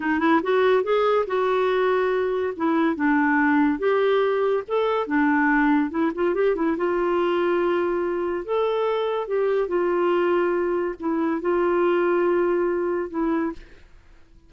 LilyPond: \new Staff \with { instrumentName = "clarinet" } { \time 4/4 \tempo 4 = 142 dis'8 e'8 fis'4 gis'4 fis'4~ | fis'2 e'4 d'4~ | d'4 g'2 a'4 | d'2 e'8 f'8 g'8 e'8 |
f'1 | a'2 g'4 f'4~ | f'2 e'4 f'4~ | f'2. e'4 | }